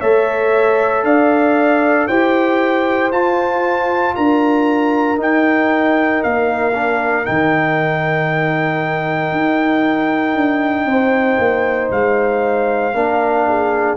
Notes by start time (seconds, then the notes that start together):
0.00 A3 A4 C#5 E5
1.04 D4 D5 F5
2.08 E4 G4 C5 G5
3.11 F4 A5
4.16 D4 A#4 A#5
5.17 D#4 G5
6.23 A#3 F5
6.75 D4
7.24 D#3 D#4 G5
9.32 D#4
10.35 D4
10.86 C4 C5
11.39 A#3
11.91 G#3 F5
12.94 A#3 D4 A#4
13.48 G#4